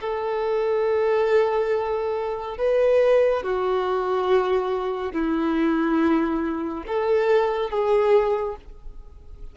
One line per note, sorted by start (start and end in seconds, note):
0.00 2.57 A4
2.57 3.43 B4
3.43 5.12 F#4
5.12 6.84 E4
6.87 7.70 A4
7.70 8.56 G#4